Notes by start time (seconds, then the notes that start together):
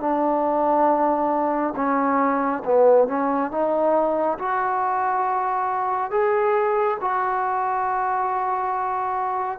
0.00 D4
1.75 C#4
2.65 B3
3.08 C#4
3.51 D#4
4.38 F#4
6.10 G#4
7.00 F#4